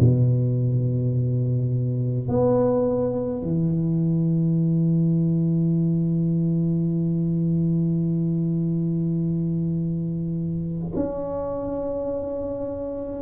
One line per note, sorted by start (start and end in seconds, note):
0.00 2.28 B2
2.28 3.42 B3
3.42 10.92 E3
10.96 13.22 C#4